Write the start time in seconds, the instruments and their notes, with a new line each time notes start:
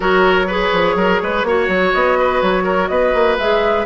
0.00 bassoon F#3, clarinet F#4, oboe A#4, flute C#5
0.47 clarinet G#4, oboe B4
0.73 bassoon F3
0.95 bassoon F#3, oboe A#4
1.22 bassoon G#3, oboe B4
1.43 bassoon A#3, clarinet F#4, oboe C#5
1.68 bassoon F#3
1.93 bassoon B3, flute D#5
2.18 oboe B4
2.42 bassoon F#3, flute C#5
2.63 oboe A#4
2.88 bassoon B3, oboe B4, flute D#5
3.13 bassoon A#3
3.38 bassoon G#3, clarinet G#4, flute E5